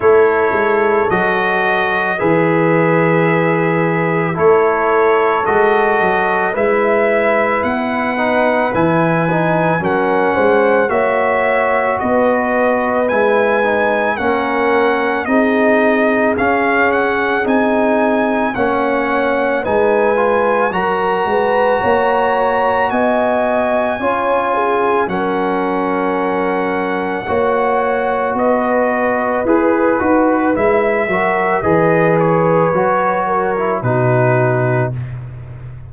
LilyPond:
<<
  \new Staff \with { instrumentName = "trumpet" } { \time 4/4 \tempo 4 = 55 cis''4 dis''4 e''2 | cis''4 dis''4 e''4 fis''4 | gis''4 fis''4 e''4 dis''4 | gis''4 fis''4 dis''4 f''8 fis''8 |
gis''4 fis''4 gis''4 ais''4~ | ais''4 gis''2 fis''4~ | fis''2 dis''4 b'4 | e''4 dis''8 cis''4. b'4 | }
  \new Staff \with { instrumentName = "horn" } { \time 4/4 a'2 b'2 | a'2 b'2~ | b'4 ais'8 c''8 cis''4 b'4~ | b'4 ais'4 gis'2~ |
gis'4 cis''4 b'4 ais'8 b'8 | cis''4 dis''4 cis''8 gis'8 ais'4~ | ais'4 cis''4 b'2~ | b'8 ais'8 b'4. ais'8 fis'4 | }
  \new Staff \with { instrumentName = "trombone" } { \time 4/4 e'4 fis'4 gis'2 | e'4 fis'4 e'4. dis'8 | e'8 dis'8 cis'4 fis'2 | e'8 dis'8 cis'4 dis'4 cis'4 |
dis'4 cis'4 dis'8 f'8 fis'4~ | fis'2 f'4 cis'4~ | cis'4 fis'2 gis'8 fis'8 | e'8 fis'8 gis'4 fis'8. e'16 dis'4 | }
  \new Staff \with { instrumentName = "tuba" } { \time 4/4 a8 gis8 fis4 e2 | a4 gis8 fis8 gis4 b4 | e4 fis8 gis8 ais4 b4 | gis4 ais4 c'4 cis'4 |
c'4 ais4 gis4 fis8 gis8 | ais4 b4 cis'4 fis4~ | fis4 ais4 b4 e'8 dis'8 | gis8 fis8 e4 fis4 b,4 | }
>>